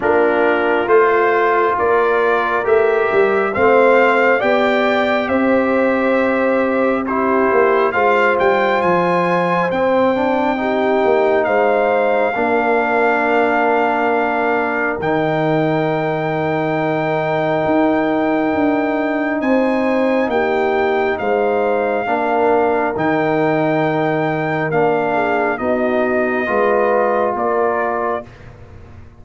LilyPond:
<<
  \new Staff \with { instrumentName = "trumpet" } { \time 4/4 \tempo 4 = 68 ais'4 c''4 d''4 e''4 | f''4 g''4 e''2 | c''4 f''8 g''8 gis''4 g''4~ | g''4 f''2.~ |
f''4 g''2.~ | g''2 gis''4 g''4 | f''2 g''2 | f''4 dis''2 d''4 | }
  \new Staff \with { instrumentName = "horn" } { \time 4/4 f'2 ais'2 | c''4 d''4 c''2 | g'4 c''2. | g'4 c''4 ais'2~ |
ais'1~ | ais'2 c''4 g'4 | c''4 ais'2.~ | ais'8 gis'8 fis'4 b'4 ais'4 | }
  \new Staff \with { instrumentName = "trombone" } { \time 4/4 d'4 f'2 g'4 | c'4 g'2. | e'4 f'2 c'8 d'8 | dis'2 d'2~ |
d'4 dis'2.~ | dis'1~ | dis'4 d'4 dis'2 | d'4 dis'4 f'2 | }
  \new Staff \with { instrumentName = "tuba" } { \time 4/4 ais4 a4 ais4 a8 g8 | a4 b4 c'2~ | c'8 ais8 gis8 g8 f4 c'4~ | c'8 ais8 gis4 ais2~ |
ais4 dis2. | dis'4 d'4 c'4 ais4 | gis4 ais4 dis2 | ais4 b4 gis4 ais4 | }
>>